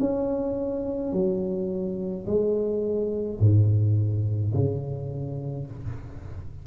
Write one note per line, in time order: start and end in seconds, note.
0.00 1.13 C#4
1.13 2.26 F#3
2.26 3.40 G#3
3.40 4.53 G#2
4.53 5.67 C#3